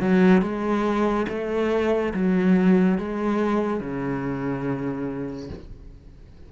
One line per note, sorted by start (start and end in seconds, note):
0.00 0.41 F#3
0.41 1.26 G#3
1.28 2.13 A3
2.14 2.98 F#3
2.98 3.80 G#3
3.80 5.49 C#3